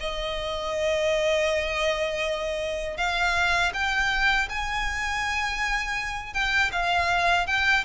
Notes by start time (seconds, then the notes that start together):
0.00 D#5
2.98 F5
3.74 G5
4.50 G#5
6.34 G5
6.72 F5
7.47 G5